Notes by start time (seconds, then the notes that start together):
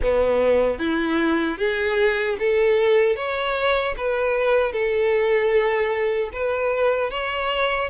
0.02 B3
0.78 E4
1.57 G#4
2.39 A4
3.15 C#5
3.97 B4
4.72 A4
6.32 B4
7.10 C#5